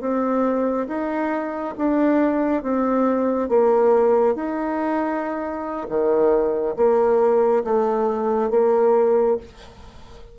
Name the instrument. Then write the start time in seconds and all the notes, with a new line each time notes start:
bassoon
0.00 C4
0.87 D#4
1.77 D4
2.63 C4
3.49 A#3
4.35 D#4
5.89 D#3
6.76 A#3
7.64 A3
8.50 A#3